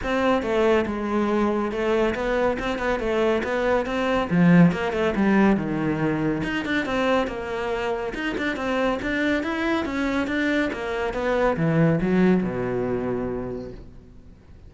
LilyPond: \new Staff \with { instrumentName = "cello" } { \time 4/4 \tempo 4 = 140 c'4 a4 gis2 | a4 b4 c'8 b8 a4 | b4 c'4 f4 ais8 a8 | g4 dis2 dis'8 d'8 |
c'4 ais2 dis'8 d'8 | c'4 d'4 e'4 cis'4 | d'4 ais4 b4 e4 | fis4 b,2. | }